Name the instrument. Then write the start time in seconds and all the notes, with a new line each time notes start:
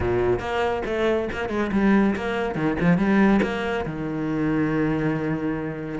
cello
0.00 A#2
0.39 A#3
0.85 A3
1.32 A#3
1.49 G#3
1.72 G3
2.15 A#3
2.55 D#3
2.80 F3
2.97 G3
3.42 A#3
3.85 D#3